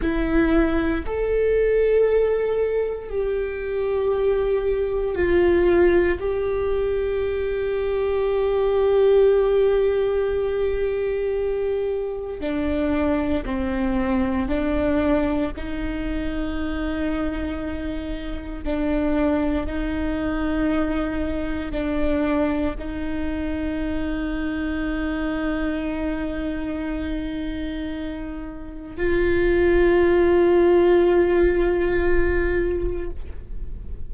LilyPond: \new Staff \with { instrumentName = "viola" } { \time 4/4 \tempo 4 = 58 e'4 a'2 g'4~ | g'4 f'4 g'2~ | g'1 | d'4 c'4 d'4 dis'4~ |
dis'2 d'4 dis'4~ | dis'4 d'4 dis'2~ | dis'1 | f'1 | }